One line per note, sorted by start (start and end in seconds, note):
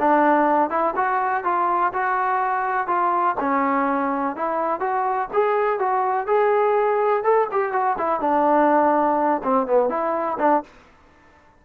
0.00 0.70 D4
0.70 0.94 E4
0.96 1.44 F#4
1.44 1.92 F4
1.93 2.88 F#4
2.88 3.36 F4
3.40 4.36 C#4
4.36 4.80 E4
4.80 5.29 F#4
5.33 5.80 G#4
5.80 6.27 F#4
6.27 7.24 G#4
7.24 7.48 A4
7.52 7.72 G4
7.72 7.97 F#4
7.98 8.21 E4
8.21 9.42 D4
9.44 9.67 C4
9.67 9.90 B3
9.90 10.38 E4
10.39 10.63 D4